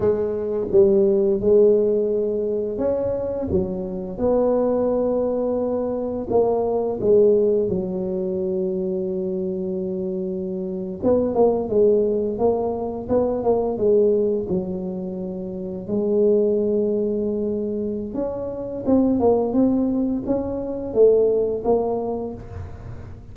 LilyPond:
\new Staff \with { instrumentName = "tuba" } { \time 4/4 \tempo 4 = 86 gis4 g4 gis2 | cis'4 fis4 b2~ | b4 ais4 gis4 fis4~ | fis2.~ fis8. b16~ |
b16 ais8 gis4 ais4 b8 ais8 gis16~ | gis8. fis2 gis4~ gis16~ | gis2 cis'4 c'8 ais8 | c'4 cis'4 a4 ais4 | }